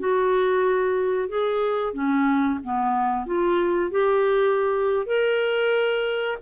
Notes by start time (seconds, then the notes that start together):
0.00 F#4
1.29 G#4
1.94 C#4
2.64 B3
3.27 F4
3.91 G4
5.06 A#4